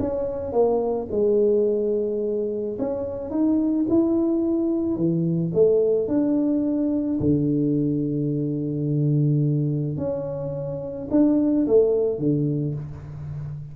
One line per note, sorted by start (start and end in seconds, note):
0.00 0.53 C#4
0.53 1.08 A#3
1.12 2.78 G#3
2.79 3.31 C#4
3.31 3.86 D#4
3.89 4.97 E4
4.97 5.52 E3
5.55 6.08 A3
6.08 7.19 D4
7.20 9.97 D3
9.97 11.09 C#4
11.11 11.67 D4
11.67 12.19 A3
12.19 12.75 D3